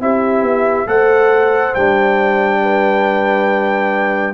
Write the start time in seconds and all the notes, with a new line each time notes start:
0.00 C4 E4 G4 E5
0.42 B3
0.86 A3 A4 C5 F#5
1.74 G3 D4 G5
2.62 B4